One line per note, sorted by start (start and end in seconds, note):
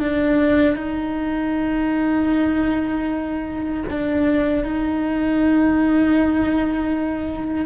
0.00 0.76 D4
0.76 3.84 D#4
3.90 4.64 D4
4.64 7.66 D#4